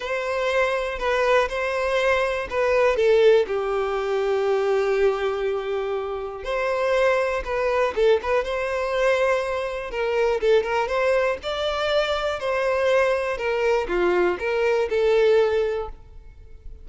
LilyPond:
\new Staff \with { instrumentName = "violin" } { \time 4/4 \tempo 4 = 121 c''2 b'4 c''4~ | c''4 b'4 a'4 g'4~ | g'1~ | g'4 c''2 b'4 |
a'8 b'8 c''2. | ais'4 a'8 ais'8 c''4 d''4~ | d''4 c''2 ais'4 | f'4 ais'4 a'2 | }